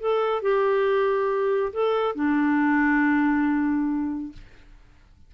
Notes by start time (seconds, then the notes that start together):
0.00 A4
0.42 G4
1.73 A4
2.15 D4